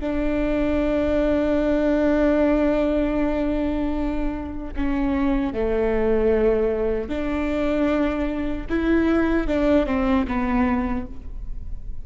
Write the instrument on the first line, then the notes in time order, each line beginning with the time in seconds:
viola
0.00 D4
4.76 C#4
5.53 A3
7.09 D4
8.69 E4
9.47 D4
9.86 C4
10.27 B3